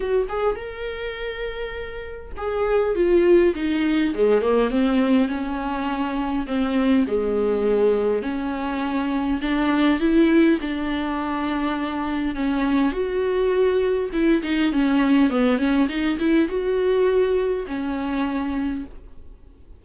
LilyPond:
\new Staff \with { instrumentName = "viola" } { \time 4/4 \tempo 4 = 102 fis'8 gis'8 ais'2. | gis'4 f'4 dis'4 gis8 ais8 | c'4 cis'2 c'4 | gis2 cis'2 |
d'4 e'4 d'2~ | d'4 cis'4 fis'2 | e'8 dis'8 cis'4 b8 cis'8 dis'8 e'8 | fis'2 cis'2 | }